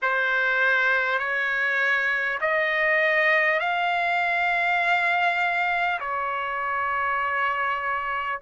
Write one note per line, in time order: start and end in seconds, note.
0.02 1.18 C5
1.18 2.38 C#5
2.40 3.59 D#5
3.59 5.99 F5
5.99 8.39 C#5